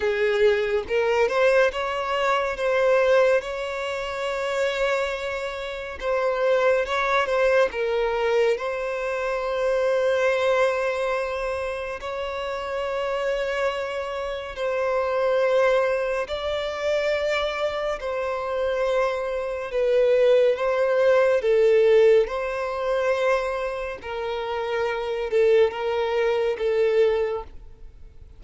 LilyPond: \new Staff \with { instrumentName = "violin" } { \time 4/4 \tempo 4 = 70 gis'4 ais'8 c''8 cis''4 c''4 | cis''2. c''4 | cis''8 c''8 ais'4 c''2~ | c''2 cis''2~ |
cis''4 c''2 d''4~ | d''4 c''2 b'4 | c''4 a'4 c''2 | ais'4. a'8 ais'4 a'4 | }